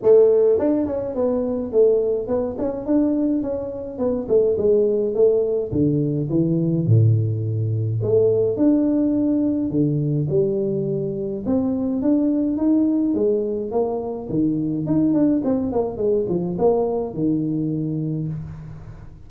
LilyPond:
\new Staff \with { instrumentName = "tuba" } { \time 4/4 \tempo 4 = 105 a4 d'8 cis'8 b4 a4 | b8 cis'8 d'4 cis'4 b8 a8 | gis4 a4 d4 e4 | a,2 a4 d'4~ |
d'4 d4 g2 | c'4 d'4 dis'4 gis4 | ais4 dis4 dis'8 d'8 c'8 ais8 | gis8 f8 ais4 dis2 | }